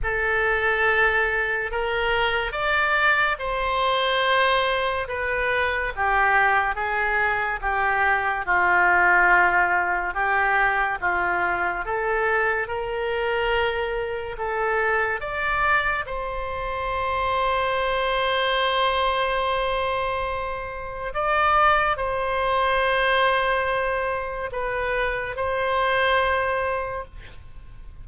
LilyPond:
\new Staff \with { instrumentName = "oboe" } { \time 4/4 \tempo 4 = 71 a'2 ais'4 d''4 | c''2 b'4 g'4 | gis'4 g'4 f'2 | g'4 f'4 a'4 ais'4~ |
ais'4 a'4 d''4 c''4~ | c''1~ | c''4 d''4 c''2~ | c''4 b'4 c''2 | }